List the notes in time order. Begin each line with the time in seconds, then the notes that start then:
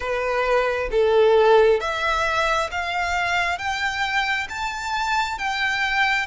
0.00 B4
0.91 A4
1.80 E5
2.71 F5
3.58 G5
4.49 A5
5.38 G5